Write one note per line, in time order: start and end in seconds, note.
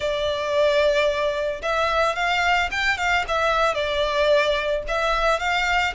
0.00 1.61 D5
1.62 2.15 E5
2.15 2.69 F5
2.71 2.97 G5
2.97 3.24 F5
3.28 3.74 E5
3.74 4.82 D5
4.88 5.39 E5
5.39 5.93 F5